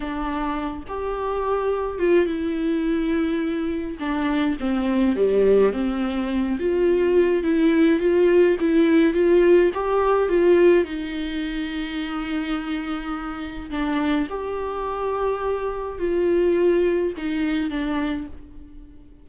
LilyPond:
\new Staff \with { instrumentName = "viola" } { \time 4/4 \tempo 4 = 105 d'4. g'2 f'8 | e'2. d'4 | c'4 g4 c'4. f'8~ | f'4 e'4 f'4 e'4 |
f'4 g'4 f'4 dis'4~ | dis'1 | d'4 g'2. | f'2 dis'4 d'4 | }